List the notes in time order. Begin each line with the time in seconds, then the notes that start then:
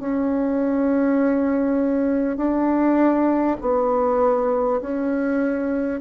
0.00 C#4
2.37 D4
3.61 B3
4.81 C#4